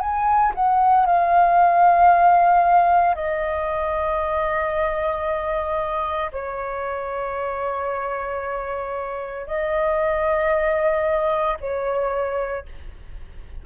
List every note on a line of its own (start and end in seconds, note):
0.00 0.53 G#5
0.55 1.06 F#5
1.06 3.15 F5
3.15 6.31 D#5
6.32 9.47 C#5
9.47 11.57 D#5
11.60 12.66 C#5